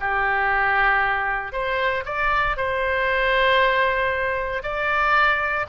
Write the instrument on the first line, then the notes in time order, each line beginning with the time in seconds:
oboe
0.00 G4
1.52 C5
2.05 D5
2.57 C5
4.62 D5